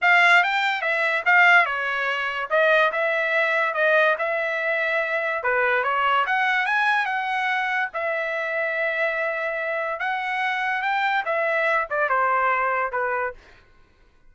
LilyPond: \new Staff \with { instrumentName = "trumpet" } { \time 4/4 \tempo 4 = 144 f''4 g''4 e''4 f''4 | cis''2 dis''4 e''4~ | e''4 dis''4 e''2~ | e''4 b'4 cis''4 fis''4 |
gis''4 fis''2 e''4~ | e''1 | fis''2 g''4 e''4~ | e''8 d''8 c''2 b'4 | }